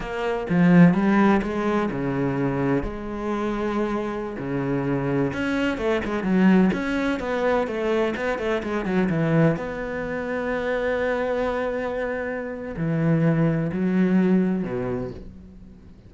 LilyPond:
\new Staff \with { instrumentName = "cello" } { \time 4/4 \tempo 4 = 127 ais4 f4 g4 gis4 | cis2 gis2~ | gis4~ gis16 cis2 cis'8.~ | cis'16 a8 gis8 fis4 cis'4 b8.~ |
b16 a4 b8 a8 gis8 fis8 e8.~ | e16 b2.~ b8.~ | b2. e4~ | e4 fis2 b,4 | }